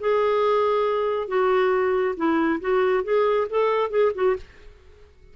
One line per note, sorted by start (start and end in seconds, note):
0.00 1.28 G#4
1.28 2.15 F#4
2.16 2.59 E4
2.60 3.04 F#4
3.04 3.47 G#4
3.49 3.90 A4
3.90 4.12 G#4
4.14 4.36 F#4